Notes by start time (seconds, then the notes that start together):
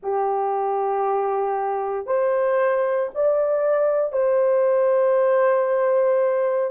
0.03 G4
2.06 C5
3.14 D5
4.12 C5